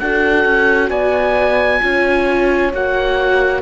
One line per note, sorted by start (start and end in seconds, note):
0.00 0.45 D4
0.00 1.81 F#4
0.00 0.90 A4
0.00 0.91 F#5
0.45 0.90 C#4
0.90 1.81 B3
0.90 1.81 D5
0.90 2.72 G#5
1.81 2.74 C#4
1.81 2.72 F4
1.81 3.62 C#5
2.74 3.62 A#3
2.74 3.62 F#4
2.74 3.62 F#5